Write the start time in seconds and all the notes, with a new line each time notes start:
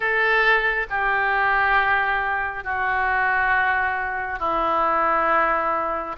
0.00 A4
0.90 G4
2.64 F#4
4.39 E4